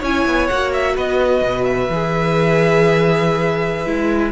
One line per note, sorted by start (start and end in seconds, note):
0.00 0.26 C#4
0.00 0.51 E4
0.00 0.93 C#5
0.00 0.48 G#5
0.26 0.50 B3
0.48 0.97 A#3
0.48 1.92 F#4
0.48 0.71 F#5
0.73 0.97 E5
0.96 1.42 B3
0.96 4.33 B4
0.96 1.65 D#5
1.42 1.88 B2
1.65 4.32 E5
1.89 3.87 E3
1.89 3.87 G#4
3.87 4.33 G#3
3.87 4.33 E4